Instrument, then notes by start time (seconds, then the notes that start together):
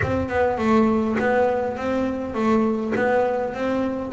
double bass
0.02 C4
0.28 B3
0.57 A3
1.19 B3
1.76 C4
2.34 A3
2.95 B3
3.53 C4